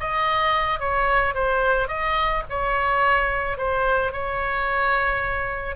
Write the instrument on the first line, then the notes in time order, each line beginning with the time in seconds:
oboe
0.00 D#5
0.80 C#5
1.35 C5
1.88 D#5
2.50 C#5
3.58 C5
4.12 C#5